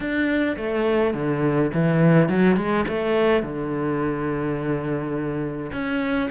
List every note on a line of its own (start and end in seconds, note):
0.00 0.56 D4
0.57 1.14 A3
1.14 1.71 D3
1.73 2.29 E3
2.29 2.56 F#3
2.56 2.84 G#3
2.88 3.42 A3
3.42 5.71 D3
5.72 6.29 C#4